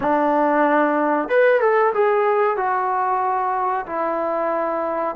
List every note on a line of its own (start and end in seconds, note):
0.00 1.28 D4
1.28 1.60 B4
1.60 1.93 A4
1.94 2.56 G#4
2.56 3.85 F#4
3.86 5.15 E4